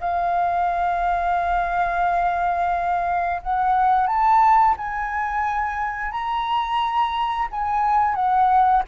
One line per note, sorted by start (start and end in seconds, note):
0.00 3.41 F5
3.42 4.07 F#5
4.07 4.75 A5
4.77 6.11 G#5
6.11 7.48 A#5
7.51 8.14 G#5
8.14 8.82 F#5